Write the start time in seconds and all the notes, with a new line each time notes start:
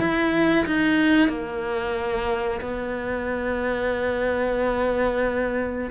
0.00 E4
0.66 D#4
1.29 A#3
2.61 B3